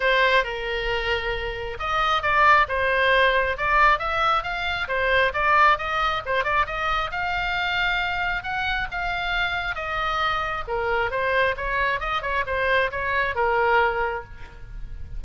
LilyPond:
\new Staff \with { instrumentName = "oboe" } { \time 4/4 \tempo 4 = 135 c''4 ais'2. | dis''4 d''4 c''2 | d''4 e''4 f''4 c''4 | d''4 dis''4 c''8 d''8 dis''4 |
f''2. fis''4 | f''2 dis''2 | ais'4 c''4 cis''4 dis''8 cis''8 | c''4 cis''4 ais'2 | }